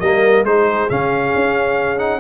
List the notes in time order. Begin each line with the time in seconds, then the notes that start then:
0.00 G3 A#3 A#4 D#5
0.43 G#3 D#4 G#4 C5
0.90 C#3 C#4 F5
1.36 C#4
1.98 D#4 F#5